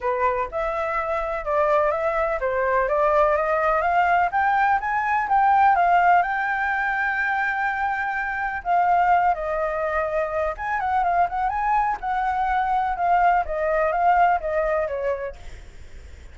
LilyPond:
\new Staff \with { instrumentName = "flute" } { \time 4/4 \tempo 4 = 125 b'4 e''2 d''4 | e''4 c''4 d''4 dis''4 | f''4 g''4 gis''4 g''4 | f''4 g''2.~ |
g''2 f''4. dis''8~ | dis''2 gis''8 fis''8 f''8 fis''8 | gis''4 fis''2 f''4 | dis''4 f''4 dis''4 cis''4 | }